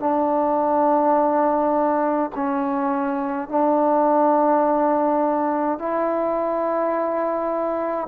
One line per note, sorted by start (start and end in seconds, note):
0.00 2.31 D4
2.36 3.49 C#4
3.49 5.79 D4
5.79 8.08 E4